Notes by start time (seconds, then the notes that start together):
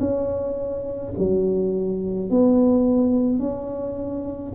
0.00 C#4
1.18 F#3
2.31 B3
3.40 C#4